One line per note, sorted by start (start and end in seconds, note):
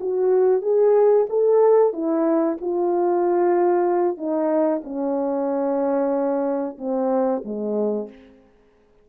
0.00 0.62 F#4
0.62 1.26 G#4
1.29 1.93 A4
1.93 2.57 E4
2.61 4.17 F4
4.17 4.82 D#4
4.84 6.77 C#4
6.78 7.43 C4
7.45 8.09 G#3